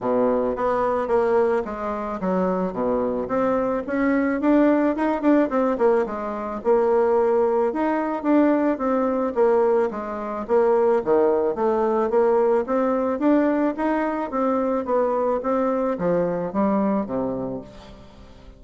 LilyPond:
\new Staff \with { instrumentName = "bassoon" } { \time 4/4 \tempo 4 = 109 b,4 b4 ais4 gis4 | fis4 b,4 c'4 cis'4 | d'4 dis'8 d'8 c'8 ais8 gis4 | ais2 dis'4 d'4 |
c'4 ais4 gis4 ais4 | dis4 a4 ais4 c'4 | d'4 dis'4 c'4 b4 | c'4 f4 g4 c4 | }